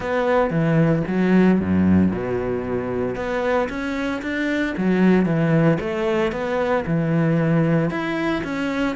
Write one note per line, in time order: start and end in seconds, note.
0.00 0.50 B3
0.50 1.03 E3
1.07 1.60 F#3
1.60 2.11 F#2
2.11 3.15 B2
3.15 3.68 B3
3.69 4.21 C#4
4.22 4.74 D4
4.77 5.25 F#3
5.25 5.78 E3
5.80 6.32 A3
6.32 6.84 B3
6.86 7.90 E3
7.90 8.43 E4
8.43 8.96 C#4